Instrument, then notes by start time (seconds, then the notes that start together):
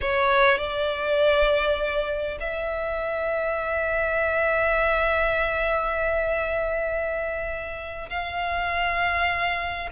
violin
0.01 C#5
0.58 D5
2.40 E5
8.09 F5